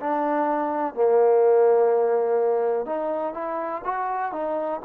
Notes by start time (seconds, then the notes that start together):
0.00 D4
0.94 A#3
2.85 D#4
3.33 E4
3.84 F#4
4.32 D#4